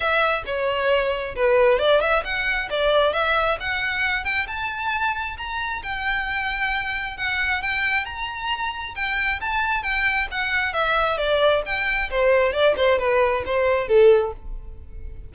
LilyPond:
\new Staff \with { instrumentName = "violin" } { \time 4/4 \tempo 4 = 134 e''4 cis''2 b'4 | d''8 e''8 fis''4 d''4 e''4 | fis''4. g''8 a''2 | ais''4 g''2. |
fis''4 g''4 ais''2 | g''4 a''4 g''4 fis''4 | e''4 d''4 g''4 c''4 | d''8 c''8 b'4 c''4 a'4 | }